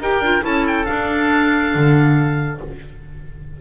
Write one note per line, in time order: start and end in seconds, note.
0.00 0.20 D#4
0.00 0.23 G4
0.00 0.45 A#4
0.00 0.45 G5
0.20 0.42 D4
0.20 0.41 F4
0.41 0.87 C#4
0.41 0.84 E4
0.41 2.61 A4
0.41 0.66 A5
0.67 0.86 G5
0.86 2.59 D4
0.86 1.75 D4
0.86 2.58 F5
1.75 2.61 D3